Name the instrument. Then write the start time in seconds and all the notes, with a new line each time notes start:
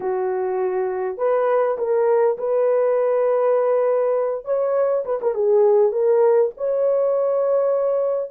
horn
0.00 F#4
1.17 B4
1.78 A#4
2.38 B4
4.44 C#5
5.05 B4
5.21 A#4
5.34 G#4
5.91 A#4
6.57 C#5